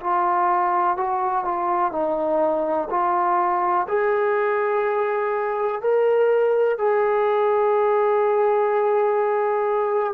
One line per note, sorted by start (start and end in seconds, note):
0.00 0.97 F4
0.97 1.44 F#4
1.44 1.92 F4
1.92 2.89 D#4
2.90 3.87 F4
3.88 5.81 G#4
5.81 6.78 A#4
6.78 10.13 G#4